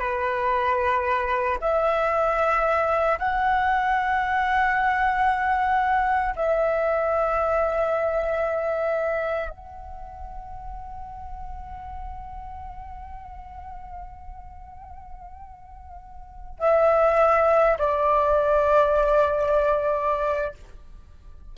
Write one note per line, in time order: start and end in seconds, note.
0.00 1.58 B4
1.61 3.19 E5
3.19 6.35 F#5
6.36 9.50 E5
9.50 16.59 F#5
16.59 17.77 E5
17.78 20.54 D5